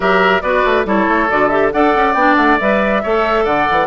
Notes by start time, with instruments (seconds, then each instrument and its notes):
0.00 bassoon F#3, clarinet G4, oboe A#4, flute E5
0.41 bassoon B3, clarinet F#4, oboe B4, flute D5
0.64 bassoon A3
0.85 bassoon G3, clarinet E4, oboe A4, flute C#5
1.07 bassoon A3
1.29 bassoon D3, clarinet F#4, flute D5
1.48 clarinet G4, flute E5
1.71 bassoon D4, clarinet A4, oboe D5, flute F#5
1.95 bassoon C#4
2.14 bassoon B3, clarinet D4, flute G5
2.36 bassoon A3, flute F#5
2.59 bassoon G3, clarinet B4, flute E5
3.02 bassoon A3, clarinet A4, oboe C#5
3.44 bassoon D3, oboe D5, flute F#5
3.70 bassoon E3